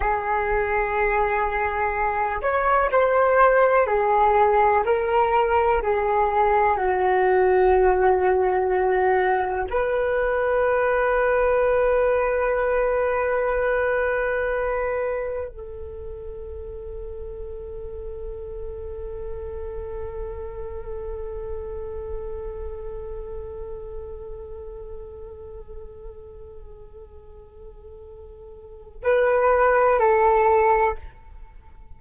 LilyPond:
\new Staff \with { instrumentName = "flute" } { \time 4/4 \tempo 4 = 62 gis'2~ gis'8 cis''8 c''4 | gis'4 ais'4 gis'4 fis'4~ | fis'2 b'2~ | b'1 |
a'1~ | a'1~ | a'1~ | a'2 b'4 a'4 | }